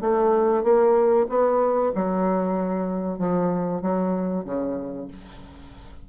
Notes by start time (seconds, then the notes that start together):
0.00 A3
0.63 A#3
1.29 B3
1.95 F#3
3.18 F3
3.81 F#3
4.44 C#3